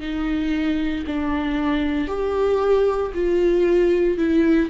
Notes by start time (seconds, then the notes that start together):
0.00 D#4
1.06 D4
2.08 G4
3.14 F4
4.18 E4